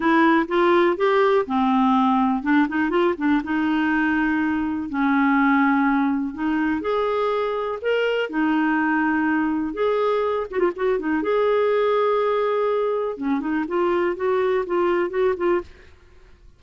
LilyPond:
\new Staff \with { instrumentName = "clarinet" } { \time 4/4 \tempo 4 = 123 e'4 f'4 g'4 c'4~ | c'4 d'8 dis'8 f'8 d'8 dis'4~ | dis'2 cis'2~ | cis'4 dis'4 gis'2 |
ais'4 dis'2. | gis'4. fis'16 f'16 fis'8 dis'8 gis'4~ | gis'2. cis'8 dis'8 | f'4 fis'4 f'4 fis'8 f'8 | }